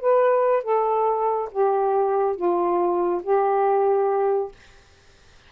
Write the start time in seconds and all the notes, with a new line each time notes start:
0.00 B4
0.63 A4
1.51 G4
2.36 F4
3.23 G4